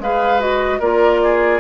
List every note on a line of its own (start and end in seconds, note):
0.00 0.80 G#3
0.00 0.40 G#4
0.00 0.80 B4
0.00 0.40 F5
0.40 0.80 F#4
0.40 0.80 D#5
0.80 1.60 A#3
0.80 1.60 F4
0.80 1.20 A#4
0.80 1.60 D5
1.24 1.60 G#4